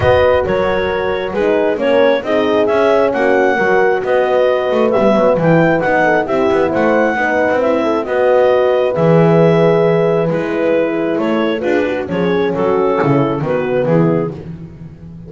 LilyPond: <<
  \new Staff \with { instrumentName = "clarinet" } { \time 4/4 \tempo 4 = 134 dis''4 cis''2 b'4 | cis''4 dis''4 e''4 fis''4~ | fis''4 dis''2 e''4 | g''4 fis''4 e''4 fis''4~ |
fis''4 e''4 dis''2 | e''2. b'4~ | b'4 cis''4 b'4 cis''4 | a'2 b'4 gis'4 | }
  \new Staff \with { instrumentName = "horn" } { \time 4/4 b'4 ais'2 gis'4 | ais'4 gis'2 fis'4 | ais'4 b'2.~ | b'4. a'8 g'4 c''4 |
b'4. a'8 b'2~ | b'1~ | b'4 a'4 gis'8 fis'8 gis'4 | fis'4 e'4 fis'4 e'4 | }
  \new Staff \with { instrumentName = "horn" } { \time 4/4 fis'2. dis'4 | cis'4 dis'4 cis'2 | fis'2. b4 | e'4 dis'4 e'2 |
dis'4 e'4 fis'2 | gis'2. e'4~ | e'2 f'8 fis'8 cis'4~ | cis'2 b2 | }
  \new Staff \with { instrumentName = "double bass" } { \time 4/4 b4 fis2 gis4 | ais4 c'4 cis'4 ais4 | fis4 b4. a8 g8 fis8 | e4 b4 c'8 b8 a4 |
b8. c'4~ c'16 b2 | e2. gis4~ | gis4 a4 d'4 f4 | fis4 cis4 dis4 e4 | }
>>